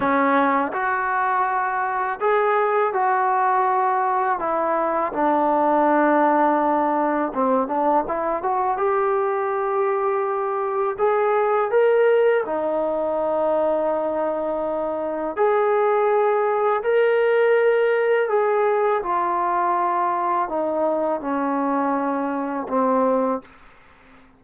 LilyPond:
\new Staff \with { instrumentName = "trombone" } { \time 4/4 \tempo 4 = 82 cis'4 fis'2 gis'4 | fis'2 e'4 d'4~ | d'2 c'8 d'8 e'8 fis'8 | g'2. gis'4 |
ais'4 dis'2.~ | dis'4 gis'2 ais'4~ | ais'4 gis'4 f'2 | dis'4 cis'2 c'4 | }